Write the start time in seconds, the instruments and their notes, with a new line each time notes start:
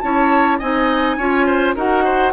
0.00 bassoon C#4, clarinet E4, oboe C#5, flute A5
0.58 bassoon C4, clarinet D#4, oboe D#5, flute G#5
1.17 bassoon C#4, clarinet F4, oboe C#5
1.46 oboe C5
1.75 bassoon D#4, clarinet F#4, oboe A#4, flute F#5
2.04 oboe C5